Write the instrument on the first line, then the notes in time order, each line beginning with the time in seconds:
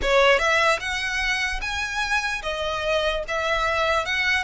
violin
0.02 C#5
0.39 E5
0.79 F#5
1.61 G#5
2.42 D#5
3.28 E5
4.05 F#5